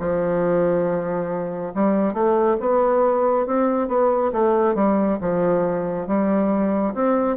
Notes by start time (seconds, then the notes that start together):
0.00 F3
1.75 G3
2.14 A3
2.60 B3
3.47 C4
3.89 B3
4.33 A3
4.75 G3
5.21 F3
6.08 G3
6.95 C4